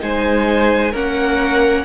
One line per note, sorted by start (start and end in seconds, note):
0.00 0.94 G#3
0.00 0.92 D#4
0.00 0.92 C5
0.00 0.95 G#5
0.92 1.86 A#3
0.92 1.86 C#4
0.92 1.84 A#4
0.92 1.86 F#5